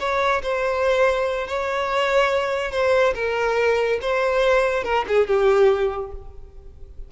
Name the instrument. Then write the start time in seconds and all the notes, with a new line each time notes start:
violin
0.00 C#5
0.43 C5
1.48 C#5
2.72 C5
3.15 A#4
4.02 C5
4.84 A#4
5.08 G#4
5.27 G4